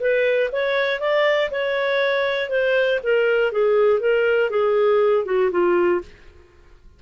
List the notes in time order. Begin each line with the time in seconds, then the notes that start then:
0.00 B4
0.52 C#5
1.00 D5
1.51 C#5
2.50 C5
3.03 A#4
3.52 G#4
4.00 A#4
4.50 G#4
5.25 F#4
5.51 F4